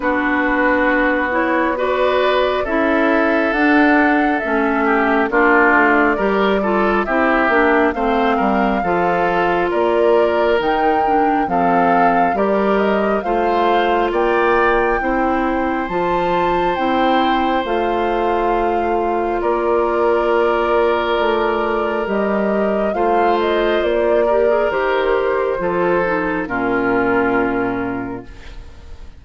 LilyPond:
<<
  \new Staff \with { instrumentName = "flute" } { \time 4/4 \tempo 4 = 68 b'4. cis''8 d''4 e''4 | fis''4 e''4 d''2 | e''4 f''2 d''4 | g''4 f''4 d''8 dis''8 f''4 |
g''2 a''4 g''4 | f''2 d''2~ | d''4 dis''4 f''8 dis''8 d''4 | c''2 ais'2 | }
  \new Staff \with { instrumentName = "oboe" } { \time 4/4 fis'2 b'4 a'4~ | a'4. g'8 f'4 ais'8 a'8 | g'4 c''8 ais'8 a'4 ais'4~ | ais'4 a'4 ais'4 c''4 |
d''4 c''2.~ | c''2 ais'2~ | ais'2 c''4. ais'8~ | ais'4 a'4 f'2 | }
  \new Staff \with { instrumentName = "clarinet" } { \time 4/4 d'4. e'8 fis'4 e'4 | d'4 cis'4 d'4 g'8 f'8 | e'8 d'8 c'4 f'2 | dis'8 d'8 c'4 g'4 f'4~ |
f'4 e'4 f'4 e'4 | f'1~ | f'4 g'4 f'4. g'16 gis'16 | g'4 f'8 dis'8 cis'2 | }
  \new Staff \with { instrumentName = "bassoon" } { \time 4/4 b2. cis'4 | d'4 a4 ais8 a8 g4 | c'8 ais8 a8 g8 f4 ais4 | dis4 f4 g4 a4 |
ais4 c'4 f4 c'4 | a2 ais2 | a4 g4 a4 ais4 | dis4 f4 ais,2 | }
>>